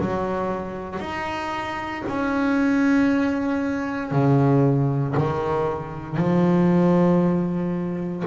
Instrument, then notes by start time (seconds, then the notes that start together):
double bass
0.00 F#3
1.00 D#4
2.08 C#4
4.11 C#3
5.17 D#3
6.17 F3